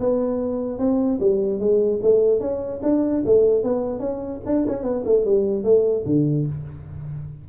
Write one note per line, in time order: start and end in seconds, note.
0.00 0.79 B3
0.79 1.19 C4
1.20 1.59 G3
1.59 2.00 G#3
2.02 2.40 A3
2.40 2.81 C#4
2.83 3.23 D4
3.25 3.63 A3
3.63 4.00 B3
4.00 4.40 C#4
4.46 4.66 D4
4.67 4.83 C#4
4.83 5.04 B3
5.05 5.25 A3
5.25 5.64 G3
5.64 6.04 A3
6.06 6.46 D3